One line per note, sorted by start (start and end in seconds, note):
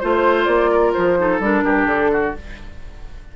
0.00 0.47 A3
0.00 1.18 F4
0.00 0.45 C5
0.00 0.71 C5
0.45 0.94 A#3
0.45 0.92 D5
0.71 1.18 A#4
0.94 1.40 F3
0.94 1.41 C5
1.18 1.41 D#4
1.18 1.65 A4
1.40 1.64 G3
1.40 2.37 D4
1.40 1.88 A#4
1.65 1.87 G2
1.65 2.12 G4
1.87 2.33 D3
1.87 2.34 A4
2.12 2.36 F#4